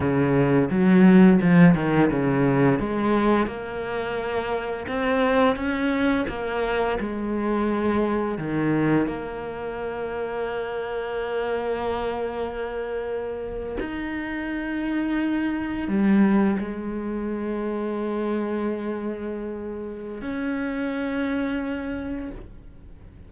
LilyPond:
\new Staff \with { instrumentName = "cello" } { \time 4/4 \tempo 4 = 86 cis4 fis4 f8 dis8 cis4 | gis4 ais2 c'4 | cis'4 ais4 gis2 | dis4 ais2.~ |
ais2.~ ais8. dis'16~ | dis'2~ dis'8. g4 gis16~ | gis1~ | gis4 cis'2. | }